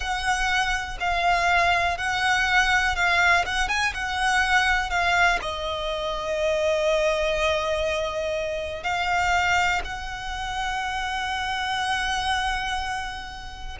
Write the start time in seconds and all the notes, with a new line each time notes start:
0.00 F#5
1.00 F5
1.97 F#5
2.95 F5
3.45 F#5
3.68 G#5
3.93 F#5
4.90 F5
5.41 D#5
8.83 F5
9.84 F#5